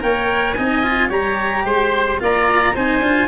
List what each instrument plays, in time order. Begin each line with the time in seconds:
0.00 tuba A#3, cello A#4, oboe C#5, trumpet G5
0.54 tuba C4, cello D#4, oboe D#5, trumpet G#5
0.83 cello F4
1.09 tuba G3, cello G4, oboe C#5, trumpet A#5
1.64 tuba G#3, oboe C5, trumpet C6
2.20 tuba A#3, cello F4, oboe D5, trumpet A#5
2.75 tuba C4, cello D#4, oboe C5, trumpet G#5
3.01 tuba D4, cello F4